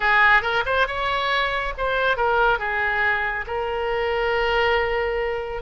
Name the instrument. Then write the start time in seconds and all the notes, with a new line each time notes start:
oboe
0.00 G#4
0.42 A#4
0.65 C5
0.87 C#5
1.77 C5
2.17 A#4
2.59 G#4
3.46 A#4